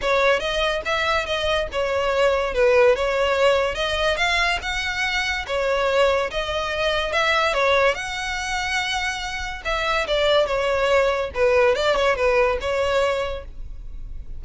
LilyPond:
\new Staff \with { instrumentName = "violin" } { \time 4/4 \tempo 4 = 143 cis''4 dis''4 e''4 dis''4 | cis''2 b'4 cis''4~ | cis''4 dis''4 f''4 fis''4~ | fis''4 cis''2 dis''4~ |
dis''4 e''4 cis''4 fis''4~ | fis''2. e''4 | d''4 cis''2 b'4 | d''8 cis''8 b'4 cis''2 | }